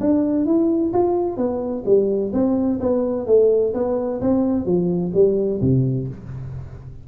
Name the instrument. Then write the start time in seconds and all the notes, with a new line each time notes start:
tuba
0.00 D4
0.45 E4
0.93 F4
1.37 B3
1.85 G3
2.33 C4
2.80 B3
3.27 A3
3.74 B3
4.21 C4
4.65 F3
5.14 G3
5.61 C3